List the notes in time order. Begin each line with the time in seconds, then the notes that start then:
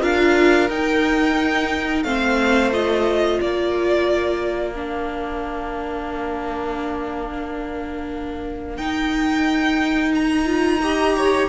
0.00 D4 F4 A#4 F5
0.69 D#4 G5
2.03 A3 C4 C5 F5
2.71 F4 D#5
3.40 A#3 A#4 D5
4.73 D4 F5
8.77 D#4 G5
10.14 A#5
10.46 F4
10.81 G4 D#5
11.17 C#5